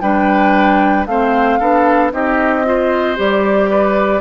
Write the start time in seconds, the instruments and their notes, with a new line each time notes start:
0.00 bassoon G3, clarinet D4, oboe B4, flute G5
1.06 bassoon A3, clarinet C4, oboe C5, flute F5
1.59 bassoon B3, clarinet D4, oboe A4
2.11 bassoon C4, clarinet D#4, oboe G4, flute D#5
2.64 clarinet F4, oboe C5
3.16 bassoon G3, clarinet G4, flute D5
3.70 oboe B4